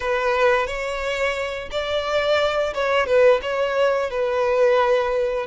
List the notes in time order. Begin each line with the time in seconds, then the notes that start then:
0.00 B4
0.66 C#5
1.71 D5
2.74 C#5
3.06 B4
3.42 C#5
4.10 B4